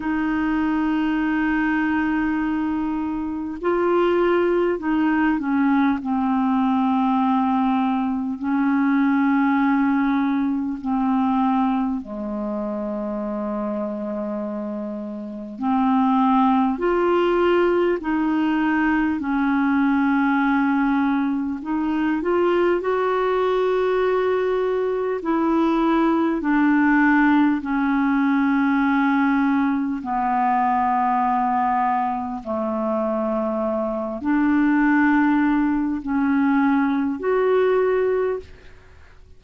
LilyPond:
\new Staff \with { instrumentName = "clarinet" } { \time 4/4 \tempo 4 = 50 dis'2. f'4 | dis'8 cis'8 c'2 cis'4~ | cis'4 c'4 gis2~ | gis4 c'4 f'4 dis'4 |
cis'2 dis'8 f'8 fis'4~ | fis'4 e'4 d'4 cis'4~ | cis'4 b2 a4~ | a8 d'4. cis'4 fis'4 | }